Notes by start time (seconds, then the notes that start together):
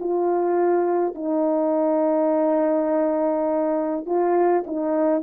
0.00 F4
1.15 D#4
4.06 F4
4.67 D#4